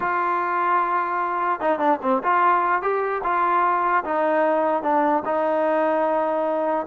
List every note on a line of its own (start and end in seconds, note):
0.00 1.60 F4
1.60 1.79 D#4
1.79 1.99 D4
2.02 2.22 C4
2.23 2.82 F4
2.82 3.22 G4
3.23 4.04 F4
4.04 4.82 D#4
4.82 5.23 D4
5.25 6.86 D#4